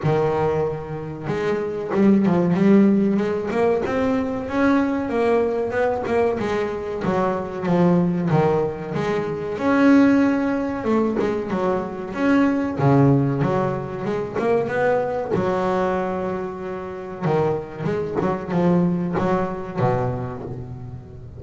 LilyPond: \new Staff \with { instrumentName = "double bass" } { \time 4/4 \tempo 4 = 94 dis2 gis4 g8 f8 | g4 gis8 ais8 c'4 cis'4 | ais4 b8 ais8 gis4 fis4 | f4 dis4 gis4 cis'4~ |
cis'4 a8 gis8 fis4 cis'4 | cis4 fis4 gis8 ais8 b4 | fis2. dis4 | gis8 fis8 f4 fis4 b,4 | }